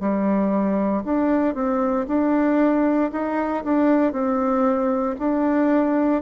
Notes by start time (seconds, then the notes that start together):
0.00 G3
1.04 D4
1.54 C4
2.08 D4
3.12 D#4
3.64 D4
4.12 C4
5.19 D4